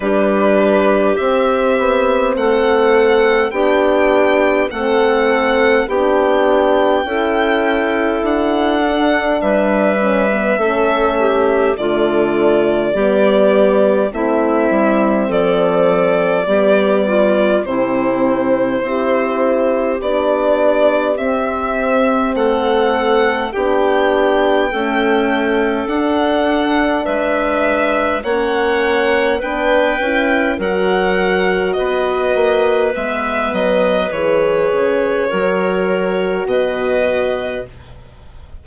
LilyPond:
<<
  \new Staff \with { instrumentName = "violin" } { \time 4/4 \tempo 4 = 51 b'4 e''4 fis''4 g''4 | fis''4 g''2 fis''4 | e''2 d''2 | e''4 d''2 c''4~ |
c''4 d''4 e''4 fis''4 | g''2 fis''4 e''4 | fis''4 g''4 fis''4 dis''4 | e''8 dis''8 cis''2 dis''4 | }
  \new Staff \with { instrumentName = "clarinet" } { \time 4/4 g'2 a'4 g'4 | a'4 g'4 a'2 | b'4 a'8 g'8 f'4 g'4 | e'4 a'4 g'8 f'8 e'4 |
g'2. a'4 | g'4 a'2 b'4 | cis''4 b'4 ais'4 b'4~ | b'2 ais'4 b'4 | }
  \new Staff \with { instrumentName = "horn" } { \time 4/4 d'4 c'2 d'4 | c'4 d'4 e'4. d'8~ | d'8 cis'16 b16 cis'4 a4 b4 | c'2 b4 c'4 |
e'4 d'4 c'2 | d'4 a4 d'2 | cis'4 d'8 e'8 fis'2 | b4 gis'4 fis'2 | }
  \new Staff \with { instrumentName = "bassoon" } { \time 4/4 g4 c'8 b8 a4 b4 | a4 b4 cis'4 d'4 | g4 a4 d4 g4 | a8 g8 f4 g4 c4 |
c'4 b4 c'4 a4 | b4 cis'4 d'4 gis4 | ais4 b8 cis'8 fis4 b8 ais8 | gis8 fis8 e8 cis8 fis4 b,4 | }
>>